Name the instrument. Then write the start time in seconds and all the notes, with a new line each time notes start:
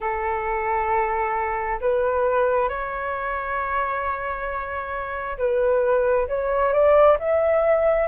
flute
0.00 A4
1.81 B4
2.69 C#5
5.37 B4
6.28 C#5
6.72 D5
7.19 E5